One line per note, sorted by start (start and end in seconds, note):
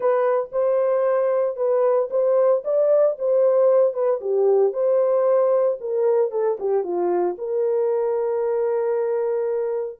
0.00 0.49 B4
0.51 1.56 C5
1.56 2.09 B4
2.10 2.63 C5
2.64 3.17 D5
3.18 3.93 C5
3.93 4.20 B4
4.20 4.72 G4
4.72 5.78 C5
5.80 6.31 A#4
6.31 6.57 A4
6.59 6.83 G4
6.83 7.36 F4
7.38 9.99 A#4